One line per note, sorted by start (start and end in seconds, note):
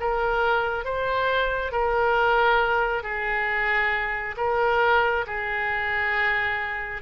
0.00 0.84 A#4
0.84 1.72 C5
1.72 3.03 A#4
3.03 4.35 G#4
4.37 5.25 A#4
5.26 7.01 G#4